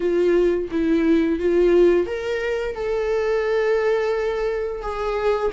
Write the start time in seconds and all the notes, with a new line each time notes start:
0.00 F4
0.71 E4
1.39 F4
2.06 A#4
2.75 A4
4.82 G#4